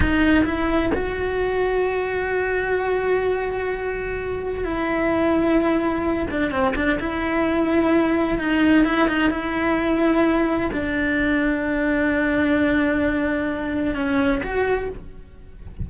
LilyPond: \new Staff \with { instrumentName = "cello" } { \time 4/4 \tempo 4 = 129 dis'4 e'4 fis'2~ | fis'1~ | fis'2 e'2~ | e'4. d'8 c'8 d'8 e'4~ |
e'2 dis'4 e'8 dis'8 | e'2. d'4~ | d'1~ | d'2 cis'4 fis'4 | }